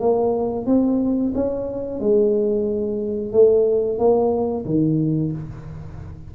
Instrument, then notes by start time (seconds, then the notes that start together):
tuba
0.00 A#3
0.66 C4
1.35 C#4
2.00 G#3
3.32 A3
3.98 A#3
4.65 D#3